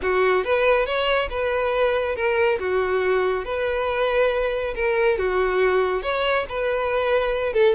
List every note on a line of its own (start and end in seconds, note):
0.01 0.44 F#4
0.44 0.85 B4
0.85 1.29 C#5
1.29 2.15 B4
2.15 2.58 A#4
2.59 3.44 F#4
3.44 4.74 B4
4.75 5.18 A#4
5.18 6.02 F#4
6.02 6.45 C#5
6.48 7.53 B4
7.53 7.74 A4